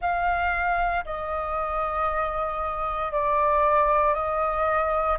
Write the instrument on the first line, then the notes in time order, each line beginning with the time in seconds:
flute
0.01 F5
1.05 D#5
3.11 D5
4.14 D#5